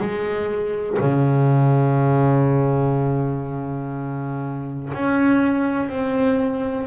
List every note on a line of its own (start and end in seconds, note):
0.00 0.98 G#3
1.00 4.93 C#3
4.94 5.89 C#4
5.89 6.87 C4